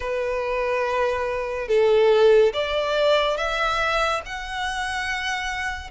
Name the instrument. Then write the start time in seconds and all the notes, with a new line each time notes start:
violin
0.00 B4
1.68 A4
2.53 D5
3.37 E5
4.25 F#5